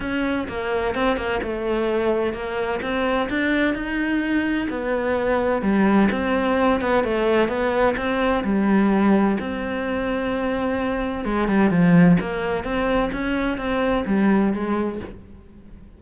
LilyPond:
\new Staff \with { instrumentName = "cello" } { \time 4/4 \tempo 4 = 128 cis'4 ais4 c'8 ais8 a4~ | a4 ais4 c'4 d'4 | dis'2 b2 | g4 c'4. b8 a4 |
b4 c'4 g2 | c'1 | gis8 g8 f4 ais4 c'4 | cis'4 c'4 g4 gis4 | }